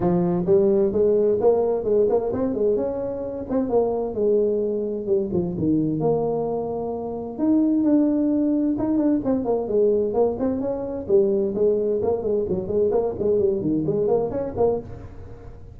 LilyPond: \new Staff \with { instrumentName = "tuba" } { \time 4/4 \tempo 4 = 130 f4 g4 gis4 ais4 | gis8 ais8 c'8 gis8 cis'4. c'8 | ais4 gis2 g8 f8 | dis4 ais2. |
dis'4 d'2 dis'8 d'8 | c'8 ais8 gis4 ais8 c'8 cis'4 | g4 gis4 ais8 gis8 fis8 gis8 | ais8 gis8 g8 dis8 gis8 ais8 cis'8 ais8 | }